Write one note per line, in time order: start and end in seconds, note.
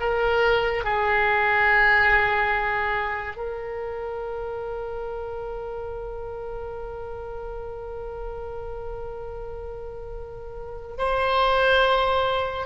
0.00 0.84 A#4
0.84 3.36 G#4
3.36 10.97 A#4
10.98 12.66 C5